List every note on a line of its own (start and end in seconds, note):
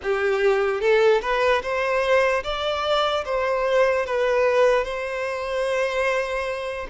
0.02 0.80 G4
0.80 1.21 A4
1.21 1.62 B4
1.62 2.43 C5
2.43 3.24 D5
3.25 4.05 C5
4.05 4.84 B4
4.84 6.87 C5